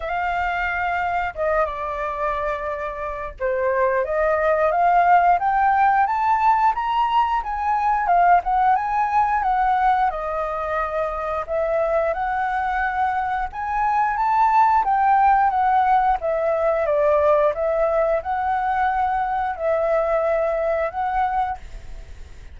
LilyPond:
\new Staff \with { instrumentName = "flute" } { \time 4/4 \tempo 4 = 89 f''2 dis''8 d''4.~ | d''4 c''4 dis''4 f''4 | g''4 a''4 ais''4 gis''4 | f''8 fis''8 gis''4 fis''4 dis''4~ |
dis''4 e''4 fis''2 | gis''4 a''4 g''4 fis''4 | e''4 d''4 e''4 fis''4~ | fis''4 e''2 fis''4 | }